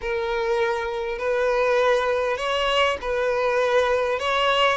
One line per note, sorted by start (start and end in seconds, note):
0.01 1.18 A#4
1.18 2.37 B4
2.37 2.97 C#5
3.01 4.19 B4
4.19 4.77 C#5